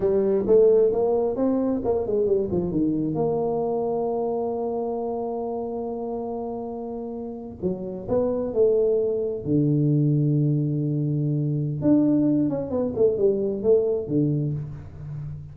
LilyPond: \new Staff \with { instrumentName = "tuba" } { \time 4/4 \tempo 4 = 132 g4 a4 ais4 c'4 | ais8 gis8 g8 f8 dis4 ais4~ | ais1~ | ais1~ |
ais8. fis4 b4 a4~ a16~ | a8. d2.~ d16~ | d2 d'4. cis'8 | b8 a8 g4 a4 d4 | }